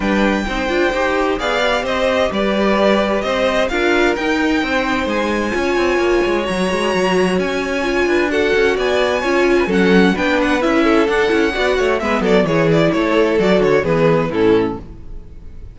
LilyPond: <<
  \new Staff \with { instrumentName = "violin" } { \time 4/4 \tempo 4 = 130 g''2. f''4 | dis''4 d''2 dis''4 | f''4 g''2 gis''4~ | gis''2 ais''2 |
gis''2 fis''4 gis''4~ | gis''4 fis''4 g''8 fis''8 e''4 | fis''2 e''8 d''8 cis''8 d''8 | cis''4 d''8 cis''8 b'4 a'4 | }
  \new Staff \with { instrumentName = "violin" } { \time 4/4 b'4 c''2 d''4 | c''4 b'2 c''4 | ais'2 c''2 | cis''1~ |
cis''4. b'8 a'4 d''4 | cis''8. b'16 a'4 b'4. a'8~ | a'4 d''8 cis''8 b'8 a'8 gis'4 | a'2 gis'4 e'4 | }
  \new Staff \with { instrumentName = "viola" } { \time 4/4 d'4 dis'8 f'8 g'4 gis'8 g'8~ | g'1 | f'4 dis'2. | f'2 fis'2~ |
fis'4 f'4 fis'2 | f'4 cis'4 d'4 e'4 | d'8 e'8 fis'4 b4 e'4~ | e'4 fis'4 b4 cis'4 | }
  \new Staff \with { instrumentName = "cello" } { \time 4/4 g4 c'8 d'8 dis'4 b4 | c'4 g2 c'4 | d'4 dis'4 c'4 gis4 | cis'8 c'8 ais8 gis8 fis8 gis8 fis4 |
cis'4. d'4 cis'8 b4 | cis'4 fis4 b4 cis'4 | d'8 cis'8 b8 a8 gis8 fis8 e4 | a4 fis8 d8 e4 a,4 | }
>>